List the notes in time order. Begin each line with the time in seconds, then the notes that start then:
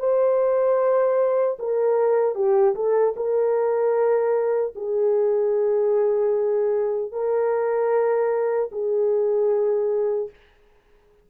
0.00 C5
1.60 A#4
2.35 G4
2.75 A4
3.17 A#4
4.76 G#4
7.12 A#4
8.72 G#4